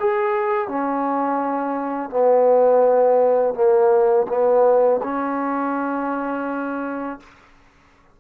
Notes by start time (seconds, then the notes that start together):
0.00 G#4
0.68 C#4
2.10 B3
3.55 A#3
4.28 B3
5.03 C#4